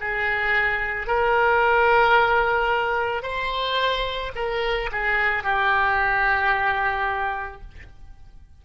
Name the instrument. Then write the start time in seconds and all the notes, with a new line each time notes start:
oboe
0.00 G#4
1.07 A#4
3.22 C5
4.35 A#4
4.91 G#4
5.43 G4